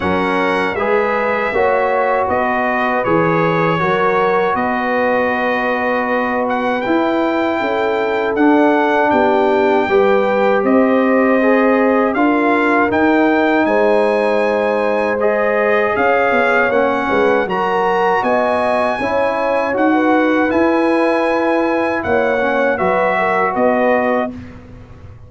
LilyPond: <<
  \new Staff \with { instrumentName = "trumpet" } { \time 4/4 \tempo 4 = 79 fis''4 e''2 dis''4 | cis''2 dis''2~ | dis''8 fis''8 g''2 fis''4 | g''2 dis''2 |
f''4 g''4 gis''2 | dis''4 f''4 fis''4 ais''4 | gis''2 fis''4 gis''4~ | gis''4 fis''4 e''4 dis''4 | }
  \new Staff \with { instrumentName = "horn" } { \time 4/4 ais'4 b'4 cis''4 b'4~ | b'4 ais'4 b'2~ | b'2 a'2 | g'4 b'4 c''2 |
ais'2 c''2~ | c''4 cis''4. b'8 ais'4 | dis''4 cis''4~ cis''16 b'4.~ b'16~ | b'4 cis''4 b'8 ais'8 b'4 | }
  \new Staff \with { instrumentName = "trombone" } { \time 4/4 cis'4 gis'4 fis'2 | gis'4 fis'2.~ | fis'4 e'2 d'4~ | d'4 g'2 gis'4 |
f'4 dis'2. | gis'2 cis'4 fis'4~ | fis'4 e'4 fis'4 e'4~ | e'4. cis'8 fis'2 | }
  \new Staff \with { instrumentName = "tuba" } { \time 4/4 fis4 gis4 ais4 b4 | e4 fis4 b2~ | b4 e'4 cis'4 d'4 | b4 g4 c'2 |
d'4 dis'4 gis2~ | gis4 cis'8 b8 ais8 gis8 fis4 | b4 cis'4 dis'4 e'4~ | e'4 ais4 fis4 b4 | }
>>